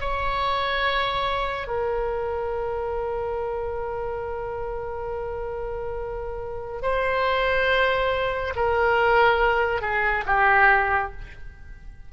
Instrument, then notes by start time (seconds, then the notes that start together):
oboe
0.00 C#5
1.67 A#4
6.82 C5
8.56 A#4
9.81 G#4
10.26 G4